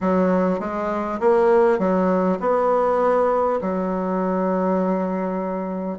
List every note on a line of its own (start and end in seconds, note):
0.00 0.59 F#3
0.59 1.19 G#3
1.20 1.78 A#3
1.78 2.38 F#3
2.39 3.59 B3
3.61 5.98 F#3